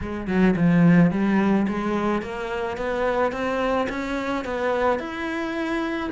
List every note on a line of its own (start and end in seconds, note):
0.01 0.27 G#3
0.27 0.54 F#3
0.56 1.11 F3
1.11 1.67 G3
1.68 2.21 G#3
2.21 2.77 A#3
2.77 3.32 B3
3.32 3.87 C4
3.89 4.44 C#4
4.44 4.98 B3
4.98 6.10 E4